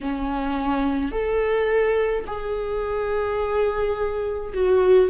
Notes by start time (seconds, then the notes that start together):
0.00 C#4
1.11 A4
2.26 G#4
4.53 F#4